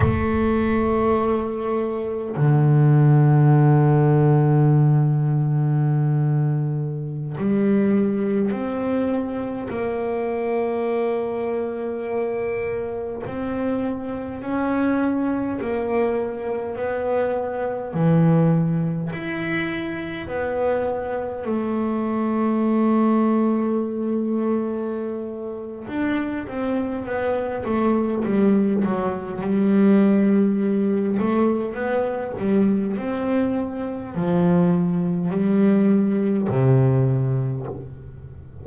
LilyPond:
\new Staff \with { instrumentName = "double bass" } { \time 4/4 \tempo 4 = 51 a2 d2~ | d2~ d16 g4 c'8.~ | c'16 ais2. c'8.~ | c'16 cis'4 ais4 b4 e8.~ |
e16 e'4 b4 a4.~ a16~ | a2 d'8 c'8 b8 a8 | g8 fis8 g4. a8 b8 g8 | c'4 f4 g4 c4 | }